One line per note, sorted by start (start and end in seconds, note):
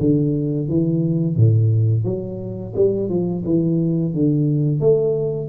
0.00 0.69 D3
0.69 1.37 E3
1.37 2.05 A2
2.05 2.74 F#3
2.76 3.09 G3
3.09 3.44 F3
3.45 4.14 E3
4.14 4.81 D3
4.81 5.49 A3